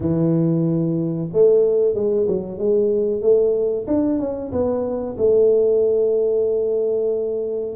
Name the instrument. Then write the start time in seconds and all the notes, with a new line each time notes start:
tuba
0.00 E3
1.32 A3
1.94 G#3
2.27 F#3
2.58 G#3
3.21 A3
3.87 D4
4.19 C#4
4.52 B3
5.17 A3